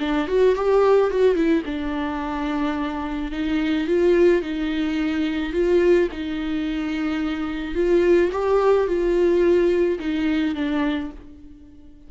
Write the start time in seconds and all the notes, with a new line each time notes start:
0.00 D4
0.28 F#4
0.56 G4
1.11 F#4
1.36 E4
1.66 D4
3.32 D#4
3.88 F4
4.42 D#4
5.53 F4
6.12 D#4
7.75 F4
8.32 G4
8.88 F4
10.00 D#4
10.55 D4